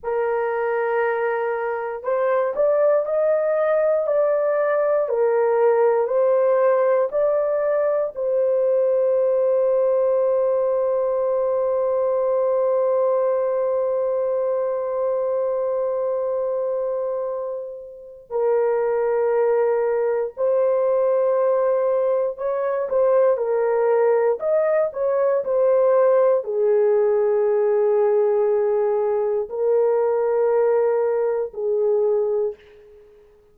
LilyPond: \new Staff \with { instrumentName = "horn" } { \time 4/4 \tempo 4 = 59 ais'2 c''8 d''8 dis''4 | d''4 ais'4 c''4 d''4 | c''1~ | c''1~ |
c''2 ais'2 | c''2 cis''8 c''8 ais'4 | dis''8 cis''8 c''4 gis'2~ | gis'4 ais'2 gis'4 | }